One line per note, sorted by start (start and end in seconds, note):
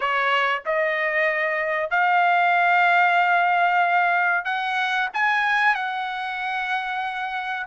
0.00 0.62 C#5
0.65 1.90 D#5
1.90 4.44 F5
4.44 5.08 F#5
5.13 5.74 G#5
5.74 7.66 F#5